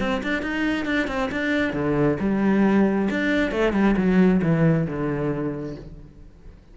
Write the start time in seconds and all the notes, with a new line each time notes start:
0.00 C4
0.23 D4
0.42 D#4
0.86 D4
1.08 C4
1.32 D4
1.74 D3
2.20 G3
3.10 D4
3.52 A3
3.73 G3
3.97 F#3
4.43 E3
4.87 D3